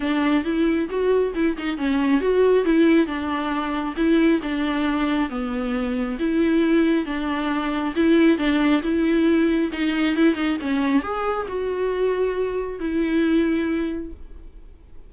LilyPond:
\new Staff \with { instrumentName = "viola" } { \time 4/4 \tempo 4 = 136 d'4 e'4 fis'4 e'8 dis'8 | cis'4 fis'4 e'4 d'4~ | d'4 e'4 d'2 | b2 e'2 |
d'2 e'4 d'4 | e'2 dis'4 e'8 dis'8 | cis'4 gis'4 fis'2~ | fis'4 e'2. | }